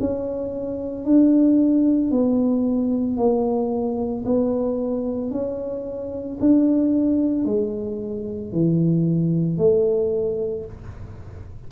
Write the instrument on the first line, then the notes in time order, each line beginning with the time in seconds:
tuba
0.00 C#4
1.05 D4
2.11 B3
3.18 A#3
4.26 B3
5.31 C#4
6.40 D4
7.46 G#3
8.53 E3
9.58 A3